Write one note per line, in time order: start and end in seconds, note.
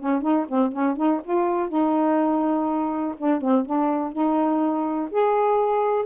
0.00 0.22 C#4
0.22 0.47 D#4
0.49 0.73 C4
0.73 0.97 C#4
0.97 1.21 D#4
1.24 1.69 F4
1.69 3.16 D#4
3.18 3.42 D4
3.42 3.66 C4
3.66 4.13 D4
4.13 5.10 D#4
5.11 6.06 G#4